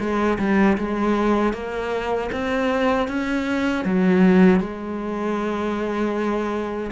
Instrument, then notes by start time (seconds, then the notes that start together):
cello
0.00 G#3
0.39 G3
0.78 G#3
1.53 A#3
2.32 C4
3.08 C#4
3.85 F#3
4.60 G#3